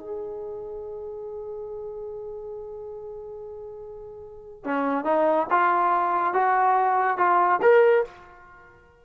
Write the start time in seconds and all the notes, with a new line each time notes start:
0.00 G#4
4.65 C#4
5.05 D#4
5.51 F4
6.34 F#4
7.18 F4
7.62 A#4